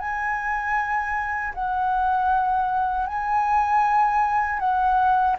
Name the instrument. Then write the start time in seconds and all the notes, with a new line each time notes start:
flute
0.00 G#5
1.55 F#5
3.07 G#5
4.60 F#5